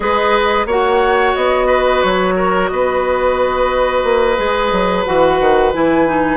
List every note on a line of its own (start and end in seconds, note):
0.00 0.65 G#3
0.00 0.67 G#4
0.00 0.67 B4
0.00 0.68 D#5
0.65 1.32 A#3
0.65 4.37 F#4
0.65 1.66 C#5
0.65 1.35 F#5
1.35 2.03 B3
1.35 2.02 D#5
1.66 2.34 B4
2.02 2.71 F#3
2.02 2.67 C#5
2.36 2.69 A#4
2.67 4.03 B3
2.67 6.36 B4
2.67 5.03 D#5
4.03 4.37 A#3
4.37 4.72 G#3
4.37 5.04 G#4
4.72 5.05 F#3
5.04 5.39 E3
5.04 5.73 F#4
5.04 5.72 F#5
5.39 5.73 D#3
5.73 6.36 E3
5.73 6.07 E4
5.73 6.36 G#5
6.07 6.36 D#4